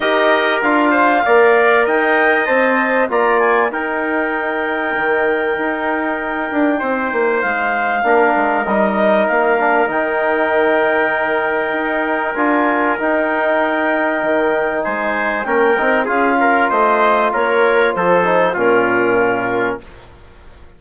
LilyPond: <<
  \new Staff \with { instrumentName = "clarinet" } { \time 4/4 \tempo 4 = 97 dis''4 f''2 g''4 | a''4 ais''8 gis''8 g''2~ | g''1 | f''2 dis''4 f''4 |
g''1 | gis''4 g''2. | gis''4 g''4 f''4 dis''4 | cis''4 c''4 ais'2 | }
  \new Staff \with { instrumentName = "trumpet" } { \time 4/4 ais'4. c''8 d''4 dis''4~ | dis''4 d''4 ais'2~ | ais'2. c''4~ | c''4 ais'2.~ |
ais'1~ | ais'1 | c''4 ais'4 gis'8 ais'8 c''4 | ais'4 a'4 f'2 | }
  \new Staff \with { instrumentName = "trombone" } { \time 4/4 g'4 f'4 ais'2 | c''4 f'4 dis'2~ | dis'1~ | dis'4 d'4 dis'4. d'8 |
dis'1 | f'4 dis'2.~ | dis'4 cis'8 dis'8 f'2~ | f'4. dis'8 cis'2 | }
  \new Staff \with { instrumentName = "bassoon" } { \time 4/4 dis'4 d'4 ais4 dis'4 | c'4 ais4 dis'2 | dis4 dis'4. d'8 c'8 ais8 | gis4 ais8 gis8 g4 ais4 |
dis2. dis'4 | d'4 dis'2 dis4 | gis4 ais8 c'8 cis'4 a4 | ais4 f4 ais,2 | }
>>